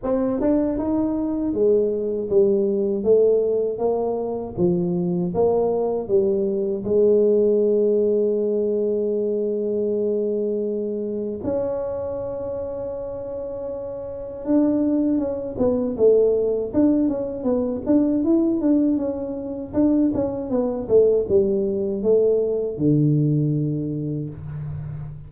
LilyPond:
\new Staff \with { instrumentName = "tuba" } { \time 4/4 \tempo 4 = 79 c'8 d'8 dis'4 gis4 g4 | a4 ais4 f4 ais4 | g4 gis2.~ | gis2. cis'4~ |
cis'2. d'4 | cis'8 b8 a4 d'8 cis'8 b8 d'8 | e'8 d'8 cis'4 d'8 cis'8 b8 a8 | g4 a4 d2 | }